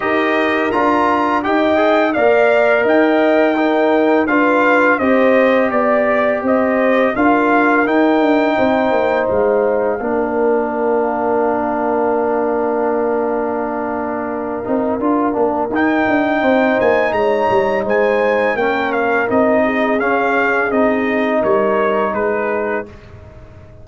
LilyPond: <<
  \new Staff \with { instrumentName = "trumpet" } { \time 4/4 \tempo 4 = 84 dis''4 ais''4 g''4 f''4 | g''2 f''4 dis''4 | d''4 dis''4 f''4 g''4~ | g''4 f''2.~ |
f''1~ | f''2 g''4. gis''8 | ais''4 gis''4 g''8 f''8 dis''4 | f''4 dis''4 cis''4 b'4 | }
  \new Staff \with { instrumentName = "horn" } { \time 4/4 ais'2 dis''4 d''4 | dis''4 ais'4 b'4 c''4 | d''4 c''4 ais'2 | c''2 ais'2~ |
ais'1~ | ais'2. c''4 | cis''4 c''4 ais'4. gis'8~ | gis'2 ais'4 gis'4 | }
  \new Staff \with { instrumentName = "trombone" } { \time 4/4 g'4 f'4 g'8 gis'8 ais'4~ | ais'4 dis'4 f'4 g'4~ | g'2 f'4 dis'4~ | dis'2 d'2~ |
d'1~ | d'8 dis'8 f'8 d'8 dis'2~ | dis'2 cis'4 dis'4 | cis'4 dis'2. | }
  \new Staff \with { instrumentName = "tuba" } { \time 4/4 dis'4 d'4 dis'4 ais4 | dis'2 d'4 c'4 | b4 c'4 d'4 dis'8 d'8 | c'8 ais8 gis4 ais2~ |
ais1~ | ais8 c'8 d'8 ais8 dis'8 d'8 c'8 ais8 | gis8 g8 gis4 ais4 c'4 | cis'4 c'4 g4 gis4 | }
>>